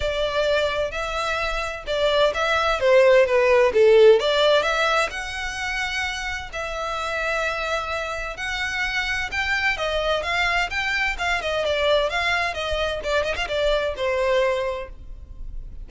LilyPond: \new Staff \with { instrumentName = "violin" } { \time 4/4 \tempo 4 = 129 d''2 e''2 | d''4 e''4 c''4 b'4 | a'4 d''4 e''4 fis''4~ | fis''2 e''2~ |
e''2 fis''2 | g''4 dis''4 f''4 g''4 | f''8 dis''8 d''4 f''4 dis''4 | d''8 dis''16 f''16 d''4 c''2 | }